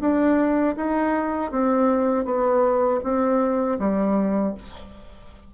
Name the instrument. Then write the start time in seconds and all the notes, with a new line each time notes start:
bassoon
0.00 D4
0.76 D#4
1.51 C4
2.25 B3
3.03 C4
3.79 G3